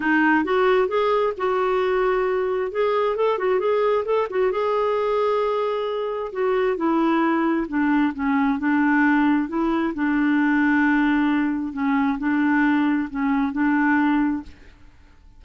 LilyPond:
\new Staff \with { instrumentName = "clarinet" } { \time 4/4 \tempo 4 = 133 dis'4 fis'4 gis'4 fis'4~ | fis'2 gis'4 a'8 fis'8 | gis'4 a'8 fis'8 gis'2~ | gis'2 fis'4 e'4~ |
e'4 d'4 cis'4 d'4~ | d'4 e'4 d'2~ | d'2 cis'4 d'4~ | d'4 cis'4 d'2 | }